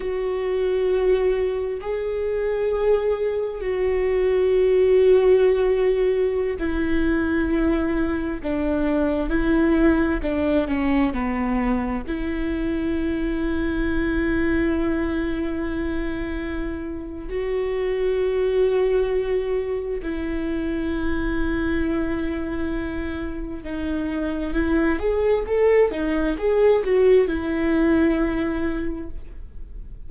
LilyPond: \new Staff \with { instrumentName = "viola" } { \time 4/4 \tempo 4 = 66 fis'2 gis'2 | fis'2.~ fis'16 e'8.~ | e'4~ e'16 d'4 e'4 d'8 cis'16~ | cis'16 b4 e'2~ e'8.~ |
e'2. fis'4~ | fis'2 e'2~ | e'2 dis'4 e'8 gis'8 | a'8 dis'8 gis'8 fis'8 e'2 | }